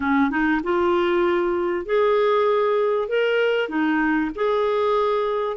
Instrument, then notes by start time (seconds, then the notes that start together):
clarinet
0.00 C#4
0.30 D#4
0.63 F4
1.85 G#4
3.08 A#4
3.68 D#4
4.35 G#4